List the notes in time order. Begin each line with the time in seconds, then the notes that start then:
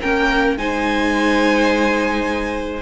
0.00 A#3 C#4 A#4 G5
0.58 G#3 D#4 C5 G#5